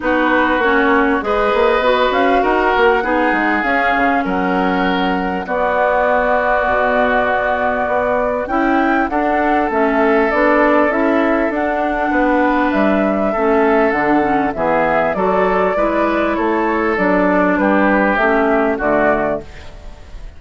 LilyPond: <<
  \new Staff \with { instrumentName = "flute" } { \time 4/4 \tempo 4 = 99 b'4 cis''4 dis''4. f''8 | fis''2 f''4 fis''4~ | fis''4 d''2.~ | d''2 g''4 fis''4 |
e''4 d''4 e''4 fis''4~ | fis''4 e''2 fis''4 | e''4 d''2 cis''4 | d''4 b'4 e''4 d''4 | }
  \new Staff \with { instrumentName = "oboe" } { \time 4/4 fis'2 b'2 | ais'4 gis'2 ais'4~ | ais'4 fis'2.~ | fis'2 e'4 a'4~ |
a'1 | b'2 a'2 | gis'4 a'4 b'4 a'4~ | a'4 g'2 fis'4 | }
  \new Staff \with { instrumentName = "clarinet" } { \time 4/4 dis'4 cis'4 gis'4 fis'4~ | fis'4 dis'4 cis'2~ | cis'4 b2.~ | b2 e'4 d'4 |
cis'4 d'4 e'4 d'4~ | d'2 cis'4 d'8 cis'8 | b4 fis'4 e'2 | d'2 cis'4 a4 | }
  \new Staff \with { instrumentName = "bassoon" } { \time 4/4 b4 ais4 gis8 ais8 b8 cis'8 | dis'8 ais8 b8 gis8 cis'8 cis8 fis4~ | fis4 b2 b,4~ | b,4 b4 cis'4 d'4 |
a4 b4 cis'4 d'4 | b4 g4 a4 d4 | e4 fis4 gis4 a4 | fis4 g4 a4 d4 | }
>>